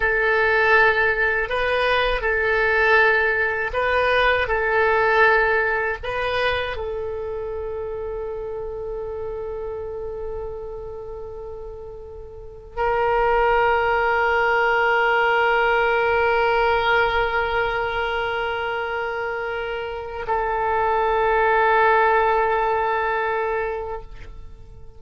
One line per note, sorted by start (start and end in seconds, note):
0.00 1.49 A4
1.49 2.21 B4
2.21 3.71 A4
3.73 4.47 B4
4.47 5.97 A4
6.03 6.76 B4
6.76 12.76 A4
12.76 20.26 A#4
20.27 24.02 A4